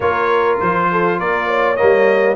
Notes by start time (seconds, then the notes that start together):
0.00 A#3 F4 A#4 C#5
0.60 F3 C5
0.91 A4
1.19 A#3 A#4 D5
1.47 C#5
1.76 G3 A#3 D#5